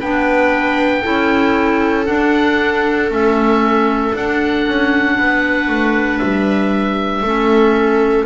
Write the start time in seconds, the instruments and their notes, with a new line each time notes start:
0.00 double bass B3, clarinet D4, viola B4, oboe G5
1.01 double bass C#4, clarinet E4, viola A4
2.05 clarinet D4, double bass D4, oboe F#5
3.09 double bass A3, clarinet C#4, oboe E5
4.13 clarinet D4, double bass D4, oboe F#5
4.67 double bass C#4
5.17 double bass B3, viola B4
5.67 double bass A3
6.18 double bass G3, oboe E5
7.21 double bass A3, clarinet C#4, viola A4